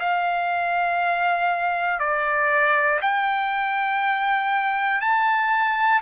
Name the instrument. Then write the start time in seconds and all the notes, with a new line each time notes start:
trumpet
0.00 F5
2.00 D5
3.01 G5
5.01 A5